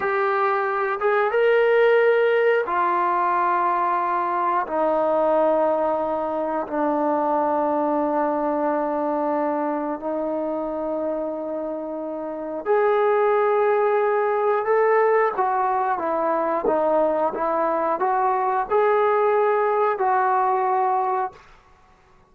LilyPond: \new Staff \with { instrumentName = "trombone" } { \time 4/4 \tempo 4 = 90 g'4. gis'8 ais'2 | f'2. dis'4~ | dis'2 d'2~ | d'2. dis'4~ |
dis'2. gis'4~ | gis'2 a'4 fis'4 | e'4 dis'4 e'4 fis'4 | gis'2 fis'2 | }